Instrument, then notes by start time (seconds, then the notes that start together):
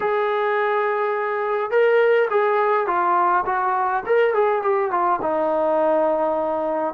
trombone
0.00 G#4
1.70 A#4
2.30 G#4
2.86 F4
3.45 F#4
4.06 A#4
4.34 G#4
4.62 G4
4.90 F4
5.21 D#4